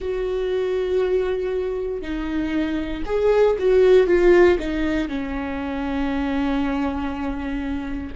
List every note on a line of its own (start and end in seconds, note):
0.00 2.01 F#4
2.01 3.03 D#4
3.05 3.56 G#4
3.58 4.07 F#4
4.07 4.58 F4
4.59 5.08 D#4
5.08 8.13 C#4